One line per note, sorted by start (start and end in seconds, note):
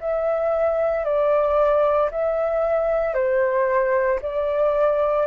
0.00 1.04 E5
1.04 2.10 D5
2.11 3.14 E5
3.14 4.19 C5
4.22 5.27 D5